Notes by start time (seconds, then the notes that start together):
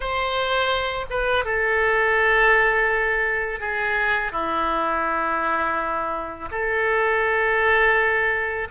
0.00 C5
1.10 B4
1.45 A4
3.60 G#4
4.32 E4
6.51 A4